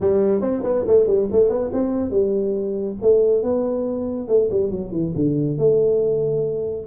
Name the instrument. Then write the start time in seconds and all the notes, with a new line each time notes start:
tuba
0.00 G3
0.41 C4
0.63 B3
0.87 A3
1.06 G3
1.31 A3
1.49 B3
1.73 C4
2.10 G3
3.01 A3
3.42 B3
4.27 A3
4.50 G3
4.70 F#3
4.91 E3
5.15 D3
5.58 A3